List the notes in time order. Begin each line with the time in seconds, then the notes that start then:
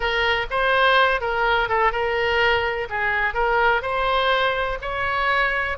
0.00 A#4
0.50 C5
1.20 A#4
1.68 A4
1.92 A#4
2.89 G#4
3.34 A#4
3.82 C5
4.81 C#5